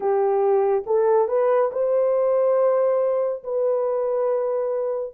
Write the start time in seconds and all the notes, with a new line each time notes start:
0.00 G4
0.86 A4
1.27 B4
1.71 C5
3.43 B4